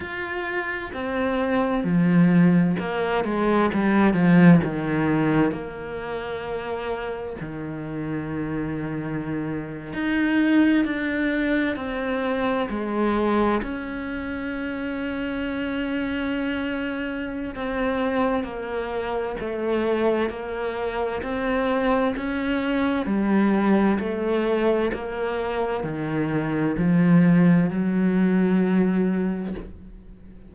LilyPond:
\new Staff \with { instrumentName = "cello" } { \time 4/4 \tempo 4 = 65 f'4 c'4 f4 ais8 gis8 | g8 f8 dis4 ais2 | dis2~ dis8. dis'4 d'16~ | d'8. c'4 gis4 cis'4~ cis'16~ |
cis'2. c'4 | ais4 a4 ais4 c'4 | cis'4 g4 a4 ais4 | dis4 f4 fis2 | }